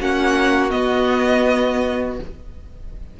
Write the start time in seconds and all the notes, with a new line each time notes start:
0.00 A#3 C#4 F#4 F#5
0.70 B3 D#5